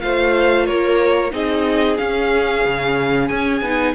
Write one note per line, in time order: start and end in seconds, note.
0.00 0.69 A3
0.00 1.31 F4
0.00 0.67 C5
0.00 0.66 F5
0.66 1.32 A#3
0.66 1.33 A#4
0.66 1.32 C#5
1.31 1.98 C4
1.31 1.97 D#4
1.31 3.95 G#4
1.31 1.97 D#5
1.97 3.62 C#4
1.97 2.65 C#4
1.97 3.28 F5
2.65 3.30 C#3
3.28 3.61 C#4
3.28 3.94 G#5
3.61 3.94 B3
3.61 3.95 D#4